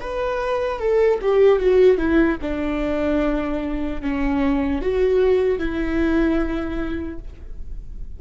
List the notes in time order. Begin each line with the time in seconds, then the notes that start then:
0.00 B4
0.79 A4
1.21 G4
1.59 F#4
1.97 E4
2.41 D4
4.01 C#4
4.81 F#4
5.58 E4